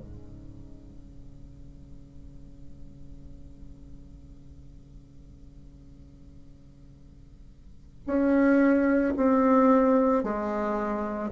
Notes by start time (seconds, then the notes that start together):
0.00 C#3
8.06 C#4
9.17 C4
10.23 G#3